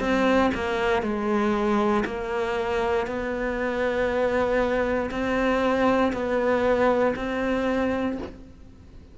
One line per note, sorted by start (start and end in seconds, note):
0.00 0.51 C4
0.55 1.03 A#3
1.03 2.04 G#3
2.06 3.07 A#3
3.07 5.10 B3
5.11 6.12 C4
6.13 7.15 B3
7.16 8.18 C4